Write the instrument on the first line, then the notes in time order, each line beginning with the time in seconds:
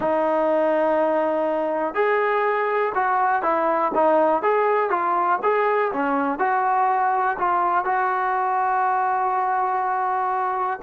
trombone
0.00 D#4
1.94 G#4
2.95 F#4
3.42 E4
3.94 D#4
4.42 G#4
4.90 F4
5.42 G#4
5.92 C#4
6.38 F#4
7.38 F4
7.84 F#4